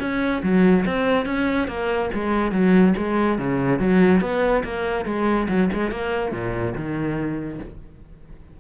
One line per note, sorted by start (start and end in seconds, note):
0.00 0.42 C#4
0.43 0.85 F#3
0.86 1.26 C4
1.26 1.68 C#4
1.68 2.10 A#3
2.14 2.52 G#3
2.52 2.94 F#3
2.98 3.39 G#3
3.39 3.79 C#3
3.79 4.21 F#3
4.21 4.63 B3
4.64 5.05 A#3
5.05 5.48 G#3
5.49 5.70 F#3
5.73 5.91 G#3
5.91 6.32 A#3
6.32 6.74 A#2
6.75 7.60 D#3